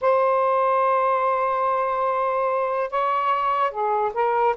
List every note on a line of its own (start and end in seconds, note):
0.01 2.90 C5
2.90 3.70 C#5
3.70 4.12 G#4
4.14 4.55 A#4